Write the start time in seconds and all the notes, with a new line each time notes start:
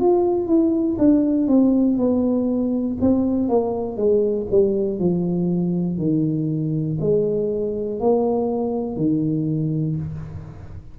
0.00 F4
0.46 E4
0.98 D4
1.47 C4
1.98 B3
3.01 C4
3.49 A#3
3.96 G#3
4.51 G3
4.99 F3
5.98 D#3
7.00 G#3
8.00 A#3
8.96 D#3